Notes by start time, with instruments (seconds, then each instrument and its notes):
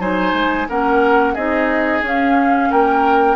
0.00 bassoon F#3, clarinet D#4, oboe C5, flute G#5
0.33 bassoon G#3
0.69 bassoon A#3, clarinet C#4, oboe A#4, flute F#5
1.34 bassoon C4, clarinet D#4, oboe G#4, flute D#5
2.02 bassoon C#4, clarinet C#4, flute F5
2.71 bassoon A#3, oboe A#4, flute G5